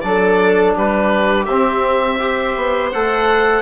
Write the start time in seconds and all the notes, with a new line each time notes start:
0.00 F#3 D4 A4 D5
0.75 G3 G4 B4
1.45 C4 E5
2.19 G4 C5
2.56 B3
2.92 A3 A4 F#5